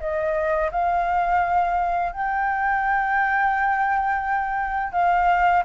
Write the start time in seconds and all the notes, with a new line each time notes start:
0.00 D#5
0.71 F5
2.13 G5
4.93 F5